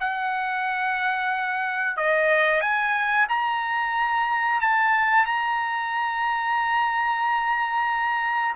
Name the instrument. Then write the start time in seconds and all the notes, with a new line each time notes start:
trumpet
0.00 F#5
1.97 D#5
2.61 G#5
3.29 A#5
4.61 A5
5.26 A#5